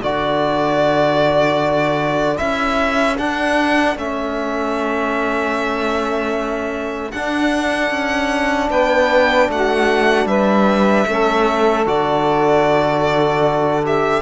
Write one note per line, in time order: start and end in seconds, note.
0.00 2.39 D3
0.00 2.37 F#4
0.00 8.68 A4
0.00 2.38 D5
2.37 3.19 C#4
2.37 3.16 E4
2.37 3.17 E5
3.17 3.96 D4
3.17 3.97 F#5
3.96 7.12 A3
3.96 7.12 C#4
3.96 7.12 E5
7.12 7.90 D4
7.12 11.08 D4
7.12 8.69 F#5
7.90 8.69 C#4
8.70 9.49 B3
8.70 9.49 B4
8.70 9.50 G5
9.49 10.25 A3
9.49 10.28 F#4
9.49 10.27 F#5
10.25 11.04 G3
10.25 11.07 B4
10.25 11.85 E5
11.07 11.86 A3
11.07 11.86 C#4
11.07 14.22 A4
11.86 14.22 D3
11.86 13.83 F#4
11.86 13.85 D5
13.85 14.22 G4
13.85 14.22 E5